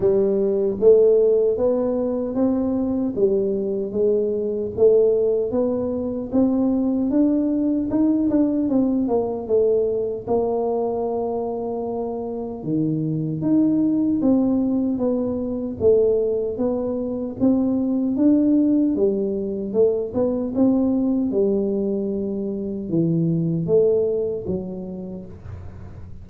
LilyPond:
\new Staff \with { instrumentName = "tuba" } { \time 4/4 \tempo 4 = 76 g4 a4 b4 c'4 | g4 gis4 a4 b4 | c'4 d'4 dis'8 d'8 c'8 ais8 | a4 ais2. |
dis4 dis'4 c'4 b4 | a4 b4 c'4 d'4 | g4 a8 b8 c'4 g4~ | g4 e4 a4 fis4 | }